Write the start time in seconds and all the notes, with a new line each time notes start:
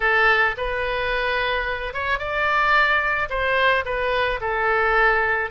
0.00 A4
0.57 B4
1.93 C#5
2.18 D5
3.29 C5
3.85 B4
4.41 A4